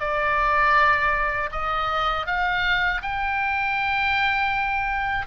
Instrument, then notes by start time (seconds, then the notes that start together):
oboe
0.00 D5
1.51 D#5
2.26 F5
3.02 G5